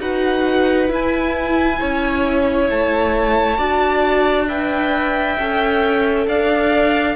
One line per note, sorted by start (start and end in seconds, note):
0.00 0.89 D#4
0.00 0.88 F#4
0.00 1.79 B4
0.00 0.91 F#5
0.88 3.57 E4
0.88 1.79 E4
0.88 2.70 G#5
1.79 2.70 C#4
1.79 3.58 C#5
2.70 3.58 A3
2.70 4.49 A5
3.57 5.37 D4
3.57 4.47 F#4
3.57 4.47 D5
4.48 5.38 B4
4.48 6.27 E5
4.48 6.28 G5
5.39 6.27 C#4
5.39 7.16 A4
6.27 7.16 D4
6.27 7.16 D5
6.27 7.16 F5